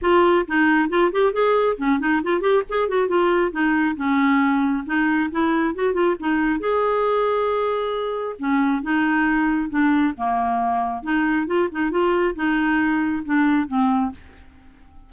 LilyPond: \new Staff \with { instrumentName = "clarinet" } { \time 4/4 \tempo 4 = 136 f'4 dis'4 f'8 g'8 gis'4 | cis'8 dis'8 f'8 g'8 gis'8 fis'8 f'4 | dis'4 cis'2 dis'4 | e'4 fis'8 f'8 dis'4 gis'4~ |
gis'2. cis'4 | dis'2 d'4 ais4~ | ais4 dis'4 f'8 dis'8 f'4 | dis'2 d'4 c'4 | }